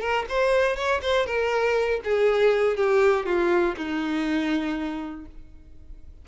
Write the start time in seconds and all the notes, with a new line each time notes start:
0.00 A#4
0.29 C5
0.76 C#5
1.01 C5
1.26 A#4
2.04 G#4
2.76 G4
3.25 F4
3.77 D#4